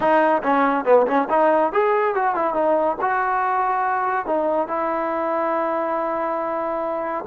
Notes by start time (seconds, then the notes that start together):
0.00 D#4
0.42 C#4
0.85 B3
1.06 C#4
1.29 D#4
1.72 G#4
2.14 F#4
2.35 E4
2.54 D#4
3.01 F#4
4.25 D#4
4.67 E4